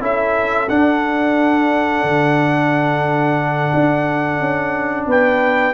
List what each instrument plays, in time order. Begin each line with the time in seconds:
0.00 tuba C#4, trombone E4, horn A4, trumpet E5
0.68 trombone D4, tuba D4, trumpet F#5
2.03 tuba D3
3.74 tuba D4
4.39 tuba C#4
5.06 tuba B3, horn B4, trumpet G5